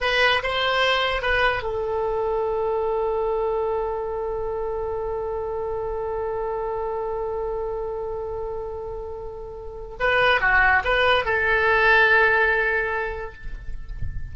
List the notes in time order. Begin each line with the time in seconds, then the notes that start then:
0.00 B4
0.42 C5
1.22 B4
1.62 A4
9.99 B4
10.41 F#4
10.84 B4
11.25 A4